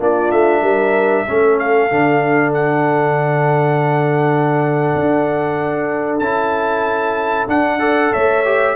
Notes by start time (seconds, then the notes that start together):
0.00 A#3 D4 F4 D5
0.32 A3 E5
0.62 G3 A#4
1.27 A3 C#4 A4
1.59 F5
1.91 D3 D4
2.54 F#5
4.95 D4
6.19 C#4 E4 A5
7.48 D4 F#5
7.80 A4 D5
8.13 A3 C#5 E5
8.45 G4